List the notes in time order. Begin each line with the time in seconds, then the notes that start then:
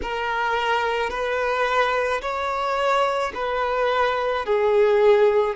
0.02 A#4
1.10 B4
2.21 C#5
3.34 B4
4.45 G#4